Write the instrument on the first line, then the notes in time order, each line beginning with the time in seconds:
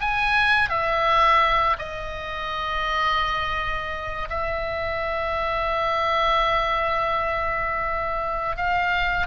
oboe
0.00 G#5
0.69 E5
1.79 D#5
4.29 E5
8.56 F5